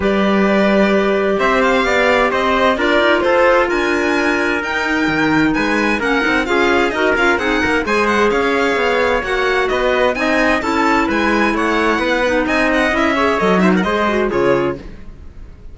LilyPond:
<<
  \new Staff \with { instrumentName = "violin" } { \time 4/4 \tempo 4 = 130 d''2. e''8 f''8~ | f''4 dis''4 d''4 c''4 | gis''2 g''2 | gis''4 fis''4 f''4 dis''8 f''8 |
fis''4 gis''8 fis''8 f''2 | fis''4 dis''4 gis''4 a''4 | gis''4 fis''2 gis''8 fis''8 | e''4 dis''8 e''16 fis''16 dis''4 cis''4 | }
  \new Staff \with { instrumentName = "trumpet" } { \time 4/4 b'2. c''4 | d''4 c''4 ais'4 a'4 | ais'1 | b'4 ais'4 gis'4 ais'4 |
gis'8 ais'8 c''4 cis''2~ | cis''4 b'4 dis''4 a'4 | b'4 cis''4 b'4 dis''4~ | dis''8 cis''4 c''16 ais'16 c''4 gis'4 | }
  \new Staff \with { instrumentName = "clarinet" } { \time 4/4 g'1~ | g'2 f'2~ | f'2 dis'2~ | dis'4 cis'8 dis'8 f'4 fis'8 f'8 |
dis'4 gis'2. | fis'2 dis'4 e'4~ | e'2~ e'8 dis'4. | e'8 gis'8 a'8 dis'8 gis'8 fis'8 f'4 | }
  \new Staff \with { instrumentName = "cello" } { \time 4/4 g2. c'4 | b4 c'4 d'8 dis'8 f'4 | d'2 dis'4 dis4 | gis4 ais8 c'8 cis'4 dis'8 cis'8 |
c'8 ais8 gis4 cis'4 b4 | ais4 b4 c'4 cis'4 | gis4 a4 b4 c'4 | cis'4 fis4 gis4 cis4 | }
>>